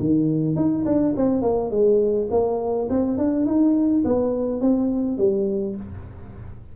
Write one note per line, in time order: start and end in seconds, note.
0.00 0.56 D#3
0.56 0.85 D#4
0.86 1.15 D4
1.17 1.42 C4
1.42 1.71 A#3
1.71 2.28 G#3
2.31 2.89 A#3
2.90 3.18 C4
3.18 3.46 D4
3.46 4.04 D#4
4.05 4.61 B3
4.61 5.18 C4
5.18 5.76 G3